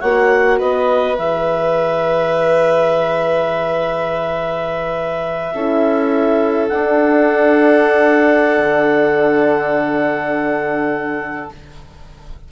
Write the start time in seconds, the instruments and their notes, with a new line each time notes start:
0.00 bassoon A#3, horn F#4, violin C#5, clarinet F#5
0.58 bassoon B3, violin B4, clarinet D#5
1.18 bassoon E3, horn G#4, clarinet E5
5.54 bassoon C#4, horn E4, violin A4
6.68 horn D4, bassoon D4, clarinet F#5
8.58 bassoon D3